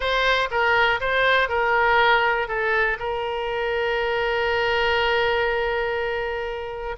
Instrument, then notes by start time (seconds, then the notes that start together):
oboe
0.00 C5
0.50 A#4
1.00 C5
1.49 A#4
2.47 A4
2.99 A#4